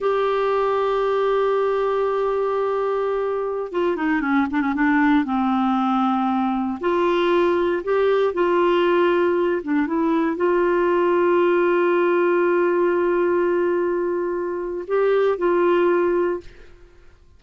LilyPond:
\new Staff \with { instrumentName = "clarinet" } { \time 4/4 \tempo 4 = 117 g'1~ | g'2.~ g'16 f'8 dis'16~ | dis'16 cis'8 d'16 cis'16 d'4 c'4.~ c'16~ | c'4~ c'16 f'2 g'8.~ |
g'16 f'2~ f'8 d'8 e'8.~ | e'16 f'2.~ f'8.~ | f'1~ | f'4 g'4 f'2 | }